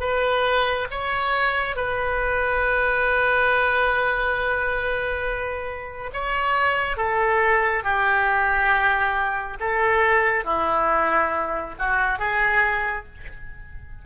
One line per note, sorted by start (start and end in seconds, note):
0.00 0.87 B4
0.91 1.75 C#5
1.75 6.10 B4
6.13 6.96 C#5
6.96 7.83 A4
7.83 9.57 G4
9.60 10.44 A4
10.44 11.75 E4
11.79 12.19 F#4
12.19 13.06 G#4